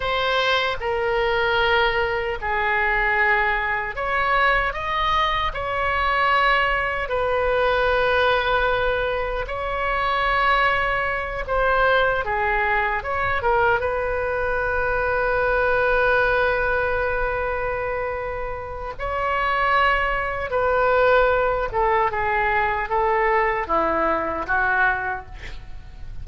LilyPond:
\new Staff \with { instrumentName = "oboe" } { \time 4/4 \tempo 4 = 76 c''4 ais'2 gis'4~ | gis'4 cis''4 dis''4 cis''4~ | cis''4 b'2. | cis''2~ cis''8 c''4 gis'8~ |
gis'8 cis''8 ais'8 b'2~ b'8~ | b'1 | cis''2 b'4. a'8 | gis'4 a'4 e'4 fis'4 | }